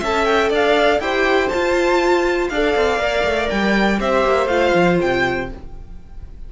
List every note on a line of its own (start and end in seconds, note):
0.00 0.50 C#4
0.00 1.01 A4
0.00 0.49 E5
0.00 0.25 A5
0.25 0.49 G5
0.49 0.99 D4
0.49 0.99 D5
0.49 1.00 F5
0.99 1.49 E4
0.99 1.51 G4
0.99 2.51 C5
0.99 1.48 G5
1.48 2.51 F4
1.48 2.50 F4
1.48 2.48 A5
2.49 2.74 D4
2.49 2.99 A4
2.49 3.99 D5
2.49 3.48 F5
2.76 2.99 C4
2.99 3.24 A#3
2.99 3.98 A#4
3.24 3.49 A3
3.49 4.00 G3
3.49 3.99 G5
3.98 4.24 C4
3.98 4.48 G4
3.98 5.48 C5
3.98 4.47 E5
4.24 4.46 A#3
4.46 4.71 A3
4.46 5.48 F4
4.46 4.96 F5
4.74 4.99 F3
5.01 5.52 C3
5.01 5.50 G5